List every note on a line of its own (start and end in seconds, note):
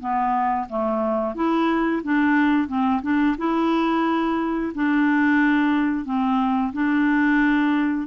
0.00 0.67 B3
0.69 1.35 A3
1.35 2.02 E4
2.03 2.68 D4
2.68 3.02 C4
3.02 3.36 D4
3.37 4.72 E4
4.74 6.05 D4
6.05 6.72 C4
6.73 8.07 D4